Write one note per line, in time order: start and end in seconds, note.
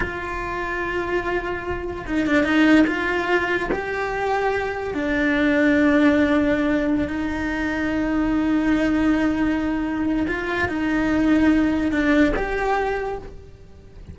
0.00 2.05 F4
2.06 2.26 D#4
2.26 2.44 D4
2.44 2.85 D#4
2.87 3.69 F4
3.72 4.93 G4
4.93 7.08 D4
7.08 10.26 D#4
10.27 10.68 F4
10.68 11.91 D#4
11.91 12.33 D4
12.36 13.18 G4